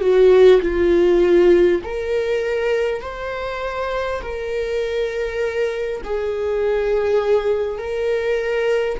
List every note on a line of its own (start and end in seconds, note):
0.00 0.60 F#4
0.61 1.81 F4
1.83 3.01 A#4
3.01 4.21 C5
4.21 6.01 A#4
6.03 7.78 G#4
7.78 8.98 A#4